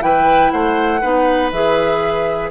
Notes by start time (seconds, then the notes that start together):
0.00 E3 E4 B4 G5
0.51 A3 C5 F#5
1.01 B3 D#4 B4
1.52 E3 G#4 E5